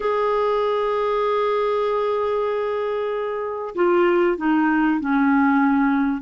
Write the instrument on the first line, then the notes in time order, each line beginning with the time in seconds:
clarinet
0.00 G#4
3.75 F4
4.37 D#4
5.00 C#4